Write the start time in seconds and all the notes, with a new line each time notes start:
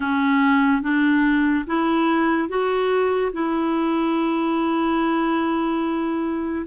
0.00 C#4
0.81 D4
1.66 E4
2.48 F#4
3.32 E4